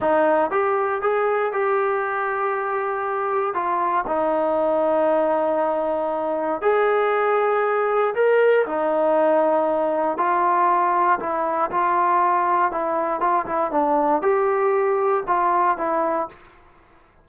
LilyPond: \new Staff \with { instrumentName = "trombone" } { \time 4/4 \tempo 4 = 118 dis'4 g'4 gis'4 g'4~ | g'2. f'4 | dis'1~ | dis'4 gis'2. |
ais'4 dis'2. | f'2 e'4 f'4~ | f'4 e'4 f'8 e'8 d'4 | g'2 f'4 e'4 | }